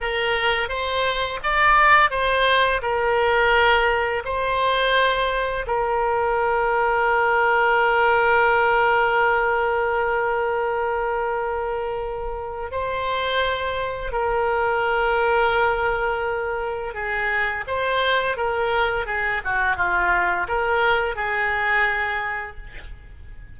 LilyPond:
\new Staff \with { instrumentName = "oboe" } { \time 4/4 \tempo 4 = 85 ais'4 c''4 d''4 c''4 | ais'2 c''2 | ais'1~ | ais'1~ |
ais'2 c''2 | ais'1 | gis'4 c''4 ais'4 gis'8 fis'8 | f'4 ais'4 gis'2 | }